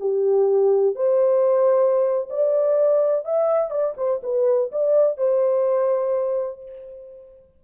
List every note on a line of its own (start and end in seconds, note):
0.00 0.96 G4
0.96 2.29 C5
2.30 3.25 D5
3.25 3.71 E5
3.71 3.95 D5
3.97 4.21 C5
4.23 4.72 B4
4.72 5.18 D5
5.18 6.63 C5